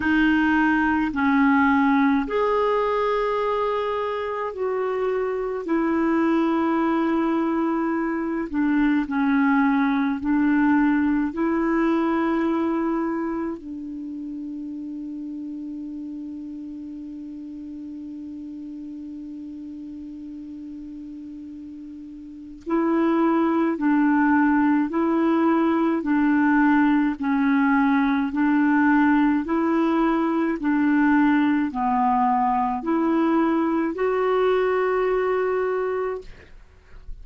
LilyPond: \new Staff \with { instrumentName = "clarinet" } { \time 4/4 \tempo 4 = 53 dis'4 cis'4 gis'2 | fis'4 e'2~ e'8 d'8 | cis'4 d'4 e'2 | d'1~ |
d'1 | e'4 d'4 e'4 d'4 | cis'4 d'4 e'4 d'4 | b4 e'4 fis'2 | }